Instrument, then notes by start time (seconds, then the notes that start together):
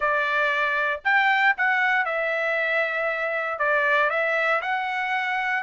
trumpet
0.00 D5
1.04 G5
1.57 F#5
2.05 E5
3.59 D5
4.10 E5
4.61 F#5